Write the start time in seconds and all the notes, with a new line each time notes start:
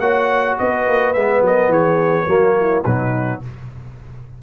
0.00 A#3 F#4 C#5 F#5
0.59 B3 B4 D#5
0.88 A#3
1.14 G#3 B3 E5
1.42 F#3 A#4 D#5
1.68 E3 G#4 C#5
2.27 F#3 A#3 F#4
2.60 E4
2.84 B2 F#3 D#4 B4